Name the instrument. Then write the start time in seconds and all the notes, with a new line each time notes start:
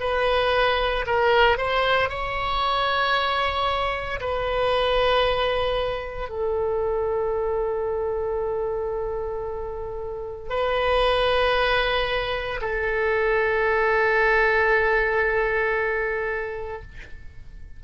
oboe
0.00 B4
1.06 A#4
1.57 C5
2.09 C#5
4.21 B4
6.29 A4
10.50 B4
12.61 A4